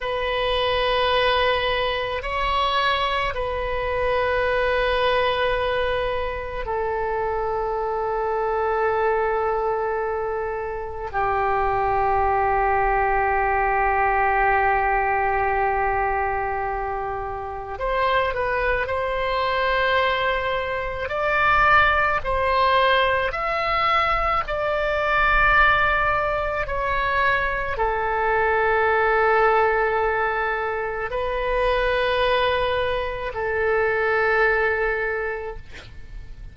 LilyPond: \new Staff \with { instrumentName = "oboe" } { \time 4/4 \tempo 4 = 54 b'2 cis''4 b'4~ | b'2 a'2~ | a'2 g'2~ | g'1 |
c''8 b'8 c''2 d''4 | c''4 e''4 d''2 | cis''4 a'2. | b'2 a'2 | }